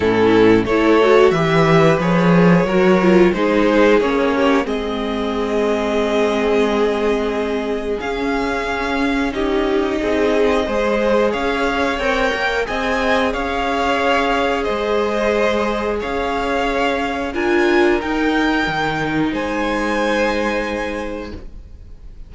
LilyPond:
<<
  \new Staff \with { instrumentName = "violin" } { \time 4/4 \tempo 4 = 90 a'4 cis''4 e''4 cis''4~ | cis''4 c''4 cis''4 dis''4~ | dis''1 | f''2 dis''2~ |
dis''4 f''4 g''4 gis''4 | f''2 dis''2 | f''2 gis''4 g''4~ | g''4 gis''2. | }
  \new Staff \with { instrumentName = "violin" } { \time 4/4 e'4 a'4 b'2 | ais'4 gis'4. g'8 gis'4~ | gis'1~ | gis'2 g'4 gis'4 |
c''4 cis''2 dis''4 | cis''2 c''2 | cis''2 ais'2~ | ais'4 c''2. | }
  \new Staff \with { instrumentName = "viola" } { \time 4/4 cis'4 e'8 fis'8 g'4 gis'4 | fis'8 f'8 dis'4 cis'4 c'4~ | c'1 | cis'2 dis'2 |
gis'2 ais'4 gis'4~ | gis'1~ | gis'2 f'4 dis'4~ | dis'1 | }
  \new Staff \with { instrumentName = "cello" } { \time 4/4 a,4 a4 e4 f4 | fis4 gis4 ais4 gis4~ | gis1 | cis'2. c'4 |
gis4 cis'4 c'8 ais8 c'4 | cis'2 gis2 | cis'2 d'4 dis'4 | dis4 gis2. | }
>>